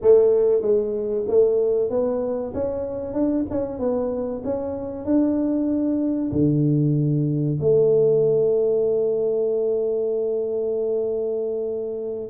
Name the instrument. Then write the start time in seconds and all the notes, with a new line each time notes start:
tuba
0.01 A3
0.61 G#3
1.27 A3
1.89 B3
2.54 C#4
3.13 D4
3.50 C#4
3.79 B3
4.44 C#4
5.05 D4
6.32 D3
7.60 A3